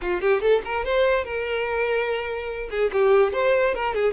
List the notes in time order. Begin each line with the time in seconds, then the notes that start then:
0.01 F4
0.21 G4
0.41 A4
0.64 A#4
0.84 C5
1.24 A#4
2.70 G#4
2.92 G4
3.33 C5
3.74 A#4
3.94 G#4